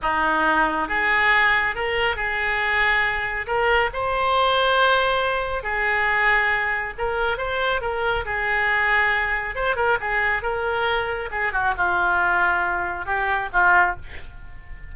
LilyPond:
\new Staff \with { instrumentName = "oboe" } { \time 4/4 \tempo 4 = 138 dis'2 gis'2 | ais'4 gis'2. | ais'4 c''2.~ | c''4 gis'2. |
ais'4 c''4 ais'4 gis'4~ | gis'2 c''8 ais'8 gis'4 | ais'2 gis'8 fis'8 f'4~ | f'2 g'4 f'4 | }